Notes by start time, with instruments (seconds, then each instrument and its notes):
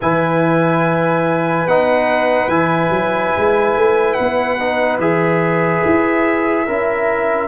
0.01 tuba E3, trombone E4, horn B4, trumpet G#5
1.65 tuba B3, trombone D#4, trumpet F#5
2.47 tuba E3, trombone E4, trumpet G#5
2.90 tuba F#3
3.36 tuba G#3
3.76 tuba A3
4.13 tuba B3, trumpet F#5
4.59 trombone D#4
4.98 tuba E3, trombone G#4, trumpet E5
5.85 tuba E4
6.66 tuba C#4, trombone E4, horn A#4